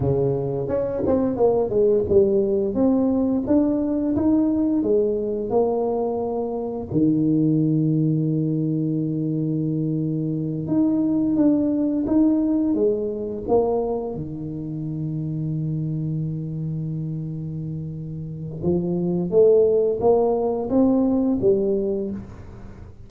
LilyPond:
\new Staff \with { instrumentName = "tuba" } { \time 4/4 \tempo 4 = 87 cis4 cis'8 c'8 ais8 gis8 g4 | c'4 d'4 dis'4 gis4 | ais2 dis2~ | dis2.~ dis8 dis'8~ |
dis'8 d'4 dis'4 gis4 ais8~ | ais8 dis2.~ dis8~ | dis2. f4 | a4 ais4 c'4 g4 | }